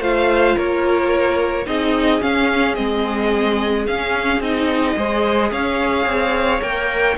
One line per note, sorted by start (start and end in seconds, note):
0.00 0.56 A3
0.00 1.65 F4
0.00 0.56 C5
0.00 0.58 F5
0.56 1.66 A#3
0.56 1.66 A#4
0.56 1.67 C#5
1.66 2.21 C4
1.66 2.21 D#4
1.66 4.96 G#4
1.66 2.22 D#5
2.21 2.75 C#4
2.21 2.78 C#4
2.21 2.75 F5
2.75 3.87 G#3
2.75 3.85 C4
2.75 3.85 D#5
3.87 4.40 C#4
3.87 4.43 C#4
3.87 4.42 F5
4.40 4.96 C4
4.40 4.97 D#4
4.40 5.51 D#5
4.96 5.51 G#3
4.96 6.61 G#4
4.96 5.51 C5
5.51 6.06 C#4
5.51 7.18 C#5
5.51 6.62 F5
6.06 6.61 C4
6.61 7.17 A#3
6.61 7.16 A#4
6.61 7.17 G5